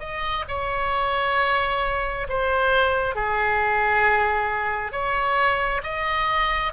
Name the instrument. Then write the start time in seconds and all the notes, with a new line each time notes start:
oboe
0.00 D#5
0.49 C#5
2.30 C5
3.16 G#4
4.93 C#5
5.84 D#5